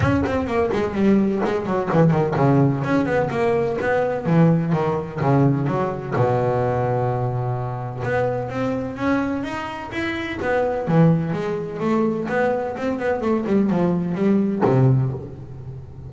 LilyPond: \new Staff \with { instrumentName = "double bass" } { \time 4/4 \tempo 4 = 127 cis'8 c'8 ais8 gis8 g4 gis8 fis8 | e8 dis8 cis4 cis'8 b8 ais4 | b4 e4 dis4 cis4 | fis4 b,2.~ |
b,4 b4 c'4 cis'4 | dis'4 e'4 b4 e4 | gis4 a4 b4 c'8 b8 | a8 g8 f4 g4 c4 | }